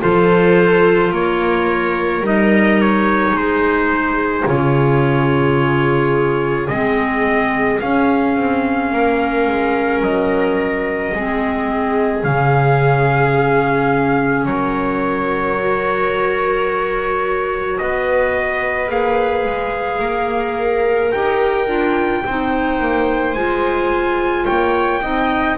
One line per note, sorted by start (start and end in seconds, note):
0.00 1.12 F3
0.00 2.22 F4
0.00 1.12 A4
0.00 1.13 C5
1.12 2.21 A#3
1.12 3.35 A#4
1.12 2.25 C#5
2.21 3.32 G3
2.21 4.46 D#4
2.21 2.81 D#5
2.81 3.37 C#5
3.32 4.43 G#3
3.32 8.93 G#4
3.32 4.48 C5
4.46 6.69 C#3
4.46 6.69 F4
4.46 6.68 C#5
6.68 7.80 G#3
6.68 7.81 C4
6.68 7.79 D#5
7.80 11.15 C#4
7.80 8.37 C#4
7.80 10.02 F5
8.37 8.92 C4
8.92 9.47 A#3
8.92 11.14 A#4
9.47 10.01 G#3
10.01 11.12 F#3
10.01 12.24 D#5
11.14 12.24 G#3
11.14 12.23 C4
11.14 14.48 G#4
12.23 14.45 C#3
12.23 15.57 C#4
12.23 14.45 F5
14.45 17.79 F#3
14.45 17.82 A#4
14.45 17.78 C#5
15.59 18.88 F#4
17.78 18.90 B3
17.78 20.01 B4
17.78 18.89 D#5
18.88 19.45 A#3
18.88 21.10 G#4
18.88 21.12 F5
19.45 20.00 G#3
20.00 21.11 A#3
20.00 22.23 A#4
21.12 21.68 D#4
21.12 21.67 G4
21.12 23.34 G5
21.67 22.23 D4
21.67 22.22 F4
22.25 22.79 C4
22.25 23.36 D#4
22.25 24.44 C5
22.79 23.35 A#3
23.34 24.46 G#3
23.34 25.01 F4
23.34 24.45 G#5
24.44 25.03 A#3
24.44 25.00 C#5
24.44 25.57 G5
25.01 25.58 C4
25.01 25.57 D#4
25.01 25.58 D#5